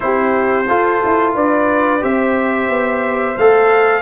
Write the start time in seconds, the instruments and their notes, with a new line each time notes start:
0.00 tuba C4, trombone E4, horn G4, trumpet C5
0.67 tuba F4, trombone F4, horn A4
1.04 tuba E4
1.34 tuba D4, horn B4, trumpet D5
2.00 tuba C4, trombone G4, horn C5, trumpet E5
2.69 tuba B3
3.37 tuba A3, trombone A4, trumpet F5